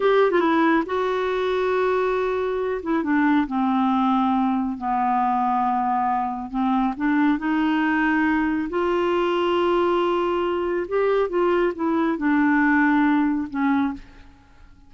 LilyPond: \new Staff \with { instrumentName = "clarinet" } { \time 4/4 \tempo 4 = 138 g'8. f'16 e'4 fis'2~ | fis'2~ fis'8 e'8 d'4 | c'2. b4~ | b2. c'4 |
d'4 dis'2. | f'1~ | f'4 g'4 f'4 e'4 | d'2. cis'4 | }